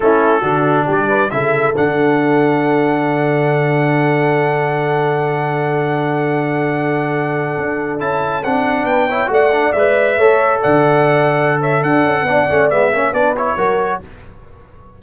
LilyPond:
<<
  \new Staff \with { instrumentName = "trumpet" } { \time 4/4 \tempo 4 = 137 a'2 d''4 e''4 | fis''1~ | fis''1~ | fis''1~ |
fis''2~ fis''16 a''4 fis''8.~ | fis''16 g''4 fis''4 e''4.~ e''16~ | e''16 fis''2~ fis''16 e''8 fis''4~ | fis''4 e''4 d''8 cis''4. | }
  \new Staff \with { instrumentName = "horn" } { \time 4/4 e'4 fis'4 g'8 b'8 a'4~ | a'1~ | a'1~ | a'1~ |
a'1~ | a'16 b'8 cis''8 d''2 cis''8.~ | cis''16 d''2~ d''16 cis''8 d'4 | d''4. cis''8 b'4 ais'4 | }
  \new Staff \with { instrumentName = "trombone" } { \time 4/4 cis'4 d'2 e'4 | d'1~ | d'1~ | d'1~ |
d'2~ d'16 e'4 d'8.~ | d'8. e'8 fis'8 d'8 b'4 a'8.~ | a'1 | d'8 cis'8 b8 cis'8 d'8 e'8 fis'4 | }
  \new Staff \with { instrumentName = "tuba" } { \time 4/4 a4 d4 g4 cis4 | d1~ | d1~ | d1~ |
d4~ d16 d'4 cis'4 c'8.~ | c'16 b4 a4 gis4 a8.~ | a16 d2~ d8. d'8 cis'8 | b8 a8 gis8 ais8 b4 fis4 | }
>>